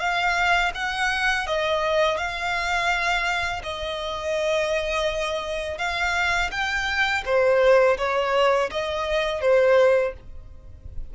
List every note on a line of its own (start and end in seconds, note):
0.00 0.72 F5
0.75 1.47 F#5
1.47 2.18 D#5
2.18 3.62 F5
3.63 5.78 D#5
5.78 6.51 F5
6.52 7.24 G5
7.26 7.98 C5
7.98 8.70 C#5
8.71 9.42 D#5
9.42 10.14 C5